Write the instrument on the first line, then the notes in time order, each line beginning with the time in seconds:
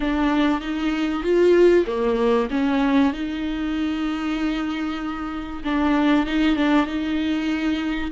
viola
0.00 D4
0.61 D#4
1.23 F4
1.86 A#3
2.50 C#4
3.13 D#4
5.64 D4
6.26 D#4
6.55 D4
6.86 D#4